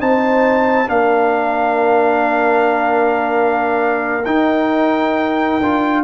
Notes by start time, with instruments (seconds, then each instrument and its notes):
0.00 tuba C4, trombone D#4, horn C5, trumpet A5
0.87 tuba A#3, trombone D4, horn A#4, trumpet F5
4.25 tuba D#4, trombone D#4, trumpet G5
5.60 tuba D4, trombone F4